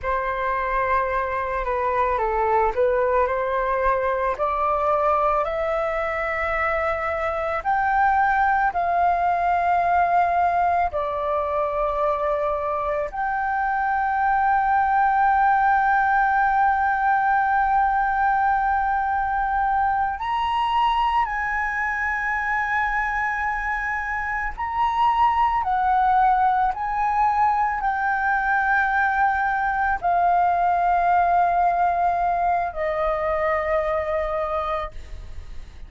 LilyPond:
\new Staff \with { instrumentName = "flute" } { \time 4/4 \tempo 4 = 55 c''4. b'8 a'8 b'8 c''4 | d''4 e''2 g''4 | f''2 d''2 | g''1~ |
g''2~ g''8 ais''4 gis''8~ | gis''2~ gis''8 ais''4 fis''8~ | fis''8 gis''4 g''2 f''8~ | f''2 dis''2 | }